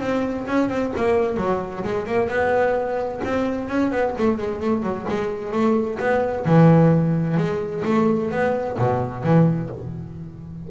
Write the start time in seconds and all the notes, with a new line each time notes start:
0.00 C4
0.47 C#4
0.69 C4
0.96 A#3
1.37 F#3
1.83 G#3
2.06 A#3
2.28 B3
3.24 C4
3.69 C#4
3.92 B3
4.18 A3
4.38 G#3
4.60 A3
4.83 F#3
5.09 G#3
5.52 A3
5.99 B3
6.46 E3
7.37 G#3
7.85 A3
8.31 B3
8.78 B2
9.23 E3